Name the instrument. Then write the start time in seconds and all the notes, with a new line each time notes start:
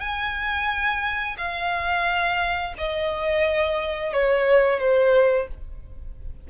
violin
0.00 G#5
1.38 F5
2.78 D#5
4.13 C#5
4.80 C5